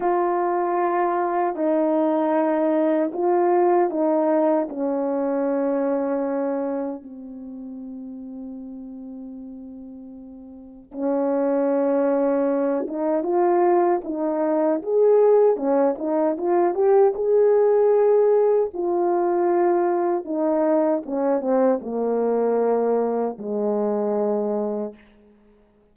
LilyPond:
\new Staff \with { instrumentName = "horn" } { \time 4/4 \tempo 4 = 77 f'2 dis'2 | f'4 dis'4 cis'2~ | cis'4 c'2.~ | c'2 cis'2~ |
cis'8 dis'8 f'4 dis'4 gis'4 | cis'8 dis'8 f'8 g'8 gis'2 | f'2 dis'4 cis'8 c'8 | ais2 gis2 | }